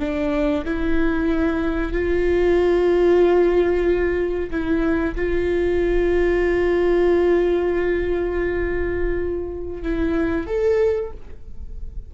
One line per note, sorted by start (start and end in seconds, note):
0.00 0.65 D4
0.65 1.92 E4
1.92 4.50 F4
4.51 5.15 E4
5.16 9.83 F4
9.83 10.47 E4
10.47 11.11 A4